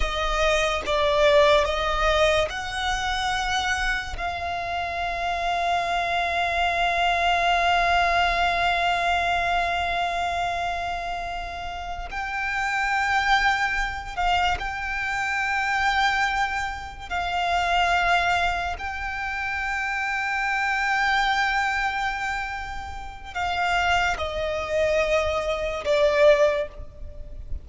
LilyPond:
\new Staff \with { instrumentName = "violin" } { \time 4/4 \tempo 4 = 72 dis''4 d''4 dis''4 fis''4~ | fis''4 f''2.~ | f''1~ | f''2~ f''8 g''4.~ |
g''4 f''8 g''2~ g''8~ | g''8 f''2 g''4.~ | g''1 | f''4 dis''2 d''4 | }